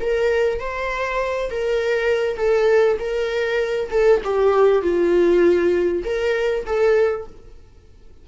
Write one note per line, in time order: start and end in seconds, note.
0.00 0.60 A#4
0.60 1.50 C5
1.50 2.37 A#4
2.37 2.97 A4
2.99 3.90 A#4
3.91 4.21 A4
4.24 4.82 G4
4.82 6.03 F4
6.04 6.65 A#4
6.66 7.26 A4